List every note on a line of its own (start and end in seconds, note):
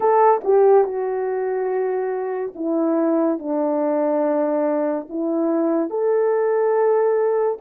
0.00 0.40 A4
0.43 0.84 G4
0.84 2.53 F#4
2.55 3.38 E4
3.38 5.07 D4
5.09 5.89 E4
5.89 7.58 A4